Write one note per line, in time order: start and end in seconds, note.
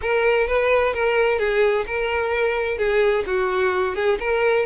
0.01 0.47 A#4
0.47 0.93 B4
0.93 1.38 A#4
1.38 1.85 G#4
1.86 2.78 A#4
2.78 3.24 G#4
3.26 3.95 F#4
3.95 4.18 G#4
4.19 4.66 A#4